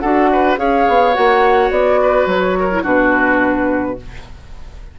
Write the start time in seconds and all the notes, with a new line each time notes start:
0.00 D4 F#4 A4 F#5
0.33 B4
0.57 C#4 G#4 C#5 F5
0.88 B3
1.14 A#3 F#4 F#5
1.71 B3 D5
2.02 B4
2.26 F#3 C#5
2.60 A#4
2.72 E4
2.83 B2 D4 F#4 B4